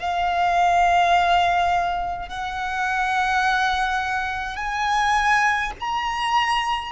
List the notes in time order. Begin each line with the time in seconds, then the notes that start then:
0.00 F5
2.29 F#5
4.57 G#5
5.80 A#5